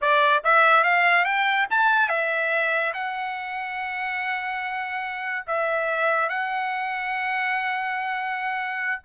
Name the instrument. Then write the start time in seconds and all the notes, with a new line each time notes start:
trumpet
0.01 D5
0.43 E5
0.83 F5
1.24 G5
1.70 A5
2.08 E5
2.93 F#5
5.46 E5
6.29 F#5